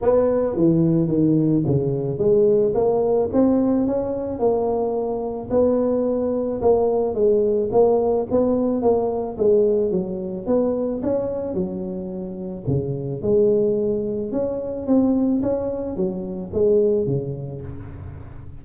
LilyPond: \new Staff \with { instrumentName = "tuba" } { \time 4/4 \tempo 4 = 109 b4 e4 dis4 cis4 | gis4 ais4 c'4 cis'4 | ais2 b2 | ais4 gis4 ais4 b4 |
ais4 gis4 fis4 b4 | cis'4 fis2 cis4 | gis2 cis'4 c'4 | cis'4 fis4 gis4 cis4 | }